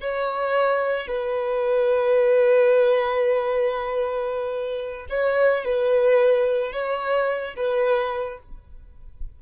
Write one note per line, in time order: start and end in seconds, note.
0.00 1.07 C#5
1.07 5.06 B4
5.09 5.64 C#5
5.64 6.72 B4
6.72 7.54 C#5
7.56 8.38 B4